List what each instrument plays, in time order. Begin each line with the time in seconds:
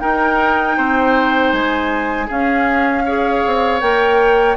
0.00 clarinet D#4, bassoon D#4, oboe A#4, flute G5
0.77 bassoon C4, oboe C5
1.52 bassoon G#3, flute G#5
2.27 clarinet C#4, bassoon C#4, oboe G#4, flute F5
3.06 clarinet G#4, oboe C#5
3.46 bassoon C4
3.81 bassoon A#3, clarinet A#4, flute G5